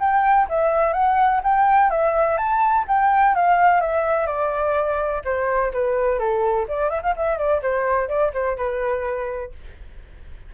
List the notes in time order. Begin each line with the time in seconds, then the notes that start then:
0.00 G5
0.49 E5
0.93 F#5
1.44 G5
1.90 E5
2.37 A5
2.88 G5
3.35 F5
3.81 E5
4.27 D5
5.25 C5
5.73 B4
6.19 A4
6.68 D5
6.90 E5
7.02 F5
7.16 E5
7.38 D5
7.62 C5
8.08 D5
8.34 C5
8.57 B4